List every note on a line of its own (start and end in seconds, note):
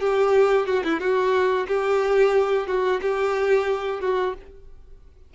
0.00 0.67 G4
0.67 0.83 F#4
0.84 1.00 E4
1.00 1.67 F#4
1.68 2.67 G4
2.67 3.01 F#4
3.02 4.01 G4
4.01 4.34 F#4